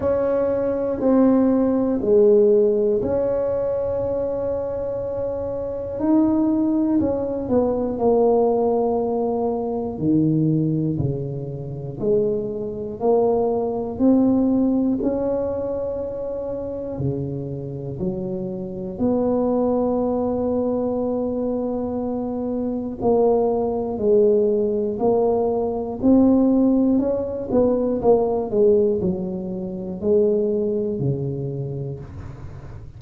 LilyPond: \new Staff \with { instrumentName = "tuba" } { \time 4/4 \tempo 4 = 60 cis'4 c'4 gis4 cis'4~ | cis'2 dis'4 cis'8 b8 | ais2 dis4 cis4 | gis4 ais4 c'4 cis'4~ |
cis'4 cis4 fis4 b4~ | b2. ais4 | gis4 ais4 c'4 cis'8 b8 | ais8 gis8 fis4 gis4 cis4 | }